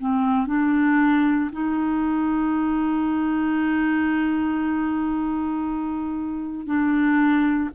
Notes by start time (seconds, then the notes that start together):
0.00 C4
0.47 D4
1.52 D#4
6.66 D4